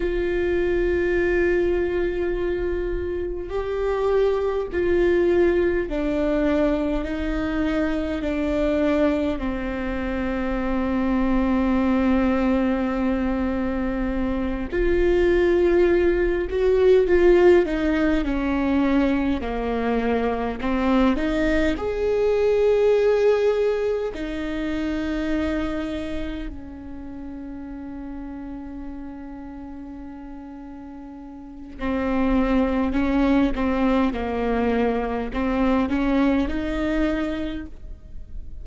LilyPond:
\new Staff \with { instrumentName = "viola" } { \time 4/4 \tempo 4 = 51 f'2. g'4 | f'4 d'4 dis'4 d'4 | c'1~ | c'8 f'4. fis'8 f'8 dis'8 cis'8~ |
cis'8 ais4 c'8 dis'8 gis'4.~ | gis'8 dis'2 cis'4.~ | cis'2. c'4 | cis'8 c'8 ais4 c'8 cis'8 dis'4 | }